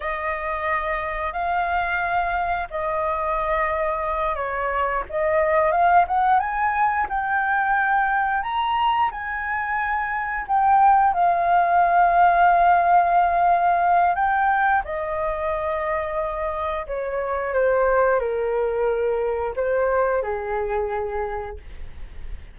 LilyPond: \new Staff \with { instrumentName = "flute" } { \time 4/4 \tempo 4 = 89 dis''2 f''2 | dis''2~ dis''8 cis''4 dis''8~ | dis''8 f''8 fis''8 gis''4 g''4.~ | g''8 ais''4 gis''2 g''8~ |
g''8 f''2.~ f''8~ | f''4 g''4 dis''2~ | dis''4 cis''4 c''4 ais'4~ | ais'4 c''4 gis'2 | }